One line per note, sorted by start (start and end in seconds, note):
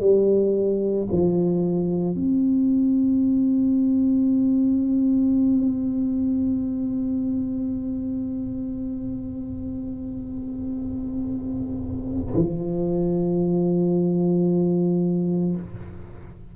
0.00 1.07 G3
1.11 2.15 F3
2.15 12.33 C4
12.34 15.56 F3